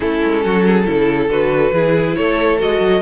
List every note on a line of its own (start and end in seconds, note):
0.00 0.23 A3
0.00 0.85 C#4
0.00 0.43 E4
0.00 1.29 A4
0.24 0.45 G#3
0.43 0.87 F#3
0.43 0.65 F#4
0.65 0.87 G#4
0.85 1.28 C#3
0.85 1.28 E4
0.85 1.73 A4
1.28 1.71 D3
1.28 1.73 F#4
1.28 2.15 B4
1.72 2.15 E3
1.72 2.58 E4
1.72 2.17 G#4
2.15 2.61 A3
2.15 3.01 A4
2.15 2.58 C#5
2.58 2.80 G#3
2.58 3.01 F#4
2.58 3.01 D#5
2.80 3.01 F#3